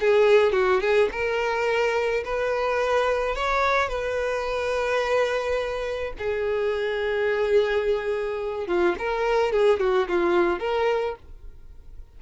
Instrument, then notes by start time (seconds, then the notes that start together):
violin
0.00 G#4
0.52 F#4
0.81 G#4
1.11 A#4
2.24 B4
3.35 C#5
3.88 B4
6.18 G#4
8.67 F4
8.98 A#4
9.52 G#4
9.80 F#4
10.08 F4
10.59 A#4